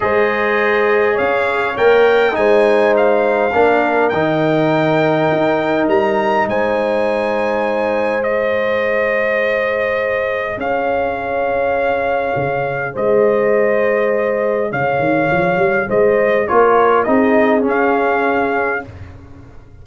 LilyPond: <<
  \new Staff \with { instrumentName = "trumpet" } { \time 4/4 \tempo 4 = 102 dis''2 f''4 g''4 | gis''4 f''2 g''4~ | g''2 ais''4 gis''4~ | gis''2 dis''2~ |
dis''2 f''2~ | f''2 dis''2~ | dis''4 f''2 dis''4 | cis''4 dis''4 f''2 | }
  \new Staff \with { instrumentName = "horn" } { \time 4/4 c''2 cis''2 | c''2 ais'2~ | ais'2. c''4~ | c''1~ |
c''2 cis''2~ | cis''2 c''2~ | c''4 cis''2 c''4 | ais'4 gis'2. | }
  \new Staff \with { instrumentName = "trombone" } { \time 4/4 gis'2. ais'4 | dis'2 d'4 dis'4~ | dis'1~ | dis'2 gis'2~ |
gis'1~ | gis'1~ | gis'1 | f'4 dis'4 cis'2 | }
  \new Staff \with { instrumentName = "tuba" } { \time 4/4 gis2 cis'4 ais4 | gis2 ais4 dis4~ | dis4 dis'4 g4 gis4~ | gis1~ |
gis2 cis'2~ | cis'4 cis4 gis2~ | gis4 cis8 dis8 f8 g8 gis4 | ais4 c'4 cis'2 | }
>>